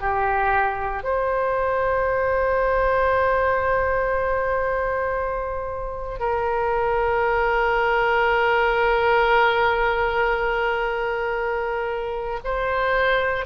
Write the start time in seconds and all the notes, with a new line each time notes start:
0.00 G4
1.03 C5
6.19 A#4
12.44 C5